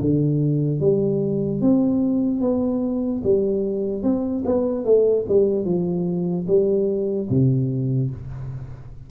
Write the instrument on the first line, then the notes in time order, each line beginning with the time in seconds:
tuba
0.00 D3
0.80 G3
1.61 C4
2.41 B3
3.23 G3
4.02 C4
4.45 B3
4.84 A3
5.28 G3
5.65 F3
6.47 G3
7.29 C3